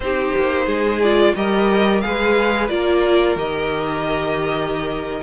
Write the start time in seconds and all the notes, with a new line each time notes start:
0.00 C4 D#4 G4 C5
0.36 A#3
0.65 G#3 G#4
1.01 F4 D5
1.35 G3 G4 A#4 D#5
2.00 G#3 G#4 B4 F5
2.68 A#3 F4 A#4 D5
3.35 D#3 G4 D#5